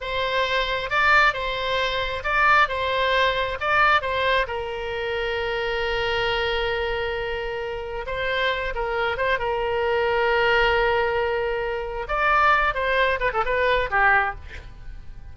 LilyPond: \new Staff \with { instrumentName = "oboe" } { \time 4/4 \tempo 4 = 134 c''2 d''4 c''4~ | c''4 d''4 c''2 | d''4 c''4 ais'2~ | ais'1~ |
ais'2 c''4. ais'8~ | ais'8 c''8 ais'2.~ | ais'2. d''4~ | d''8 c''4 b'16 a'16 b'4 g'4 | }